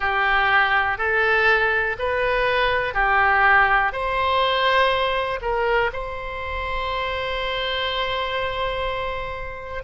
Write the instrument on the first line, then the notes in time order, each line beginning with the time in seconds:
oboe
0.00 G4
0.97 A4
1.99 B4
2.94 G4
3.92 C5
5.41 A#4
5.92 C5